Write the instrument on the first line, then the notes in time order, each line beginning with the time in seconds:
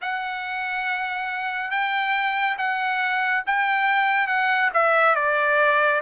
trumpet
0.01 F#5
1.71 G5
2.58 F#5
3.46 G5
4.27 F#5
4.73 E5
5.15 D5